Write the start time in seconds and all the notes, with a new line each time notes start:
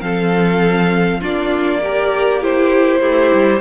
0.00 F3 C4 A4 F5
1.20 A#3 D4 F4 D5
1.82 G4 A#4
2.40 E4 G4 C5
3.00 A3 E4 G4
3.33 G3